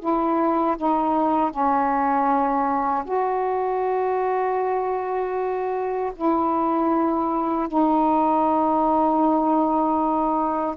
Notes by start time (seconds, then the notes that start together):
0.00 E4
0.78 D#4
1.51 C#4
3.05 F#4
6.16 E4
7.68 D#4